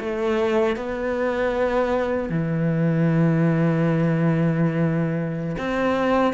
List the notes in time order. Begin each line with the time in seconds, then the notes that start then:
0.00 A3
0.76 B3
2.29 E3
5.58 C4